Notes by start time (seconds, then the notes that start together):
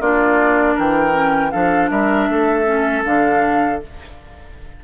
0.00 A#3 D4 F4 D5
0.75 E3 A#4 G5
1.12 C#4
1.51 F3 D4 A4 F5
1.90 G3 A#4 E5
2.29 A3 A4
2.65 C#4
3.05 D3 D4 F5